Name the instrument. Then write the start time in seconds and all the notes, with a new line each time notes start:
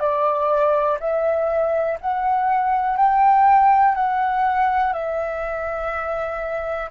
flute
0.00 D5
1.00 E5
2.01 F#5
2.97 G5
3.95 F#5
4.93 E5